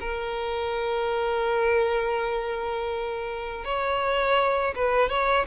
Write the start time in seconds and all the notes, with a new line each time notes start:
0.00 A#4
3.65 C#5
4.76 B4
5.09 C#5